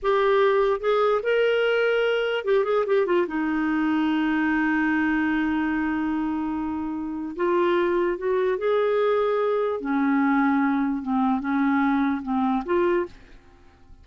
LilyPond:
\new Staff \with { instrumentName = "clarinet" } { \time 4/4 \tempo 4 = 147 g'2 gis'4 ais'4~ | ais'2 g'8 gis'8 g'8 f'8 | dis'1~ | dis'1~ |
dis'2 f'2 | fis'4 gis'2. | cis'2. c'4 | cis'2 c'4 f'4 | }